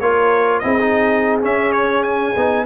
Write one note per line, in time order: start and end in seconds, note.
0.00 0.63 A#3
0.00 0.63 F4
0.00 0.64 A#4
0.00 0.59 C#5
0.59 1.42 C4
0.59 0.78 E4
0.59 2.66 G#4
0.59 1.37 D#5
0.80 1.41 D#4
1.41 2.35 C#4
1.41 2.36 C#4
1.41 1.72 E5
1.72 2.03 C#5
2.03 2.65 G#5
2.36 2.66 B3
2.36 2.66 D#4